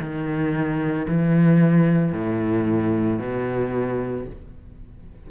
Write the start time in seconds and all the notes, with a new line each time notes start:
0.00 D#3
1.08 E3
2.12 A2
3.19 B2